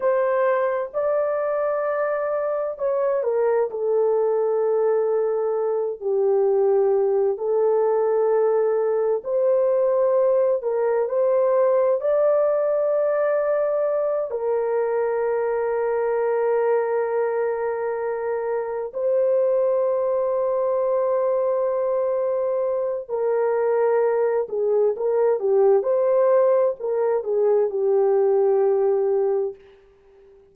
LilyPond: \new Staff \with { instrumentName = "horn" } { \time 4/4 \tempo 4 = 65 c''4 d''2 cis''8 ais'8 | a'2~ a'8 g'4. | a'2 c''4. ais'8 | c''4 d''2~ d''8 ais'8~ |
ais'1~ | ais'8 c''2.~ c''8~ | c''4 ais'4. gis'8 ais'8 g'8 | c''4 ais'8 gis'8 g'2 | }